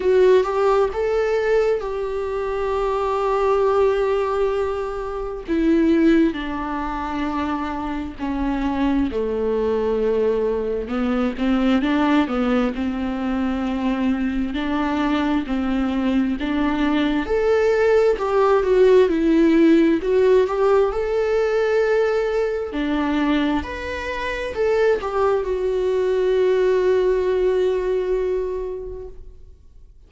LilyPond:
\new Staff \with { instrumentName = "viola" } { \time 4/4 \tempo 4 = 66 fis'8 g'8 a'4 g'2~ | g'2 e'4 d'4~ | d'4 cis'4 a2 | b8 c'8 d'8 b8 c'2 |
d'4 c'4 d'4 a'4 | g'8 fis'8 e'4 fis'8 g'8 a'4~ | a'4 d'4 b'4 a'8 g'8 | fis'1 | }